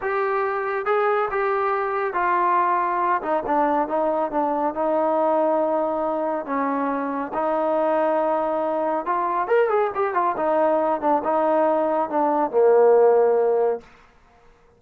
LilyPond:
\new Staff \with { instrumentName = "trombone" } { \time 4/4 \tempo 4 = 139 g'2 gis'4 g'4~ | g'4 f'2~ f'8 dis'8 | d'4 dis'4 d'4 dis'4~ | dis'2. cis'4~ |
cis'4 dis'2.~ | dis'4 f'4 ais'8 gis'8 g'8 f'8 | dis'4. d'8 dis'2 | d'4 ais2. | }